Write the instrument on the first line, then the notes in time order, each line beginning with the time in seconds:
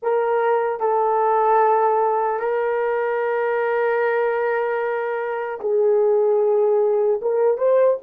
horn
0.02 A#4
0.80 A4
2.39 A#4
5.60 G#4
7.21 A#4
7.57 C5